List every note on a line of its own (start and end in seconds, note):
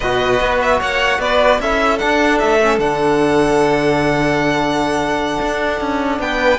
0.00 0.40 B2
0.00 1.62 F#4
0.00 0.79 B4
0.00 0.60 D#5
0.40 0.80 B3
0.60 0.80 E5
0.79 1.18 A#3
0.79 1.19 C#5
0.79 1.20 F#5
1.18 1.58 B3
1.18 1.60 B4
1.18 1.60 D5
1.60 2.00 C#4
1.60 2.00 E4
1.60 6.21 A4
1.60 1.98 E5
1.98 2.60 D4
1.98 2.42 D4
1.98 2.38 F#5
2.38 2.78 A3
2.38 2.78 E5
2.60 2.79 C#4
2.78 5.38 D3
2.78 6.58 D4
2.78 6.19 F#5
5.41 5.80 D4
5.80 6.19 C#4
6.19 6.58 B3
6.19 6.58 B4
6.19 6.58 G5